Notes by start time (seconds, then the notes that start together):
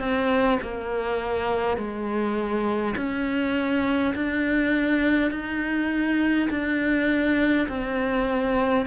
0.00 C4
0.63 A#3
1.78 G#3
2.97 C#4
4.15 D4
5.31 D#4
6.50 D4
7.69 C4